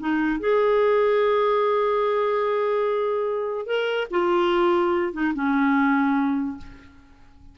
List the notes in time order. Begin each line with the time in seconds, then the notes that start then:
0.00 D#4
0.40 G#4
3.66 A#4
4.11 F4
5.13 D#4
5.34 C#4